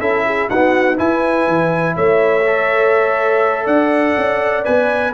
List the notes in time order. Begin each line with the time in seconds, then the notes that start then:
0.00 C#4 E4 A4 E5
0.26 G#4
0.49 B3 D#4 F#4 F#5
0.97 E4 B4 G#5
1.48 E3
1.95 A3 C#5 E5
2.46 A4
3.64 D4 D5 F#5
4.17 C#4
4.64 B3 B4 G#5